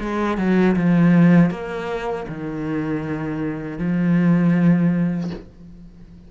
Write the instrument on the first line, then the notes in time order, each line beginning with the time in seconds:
cello
0.00 G#3
0.37 F#3
0.76 F3
1.50 A#3
2.28 D#3
3.78 F3